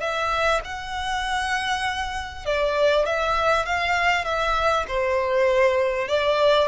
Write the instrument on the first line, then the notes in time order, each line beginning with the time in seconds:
violin
0.00 E5
0.64 F#5
2.45 D5
3.05 E5
3.66 F5
4.25 E5
4.88 C5
6.08 D5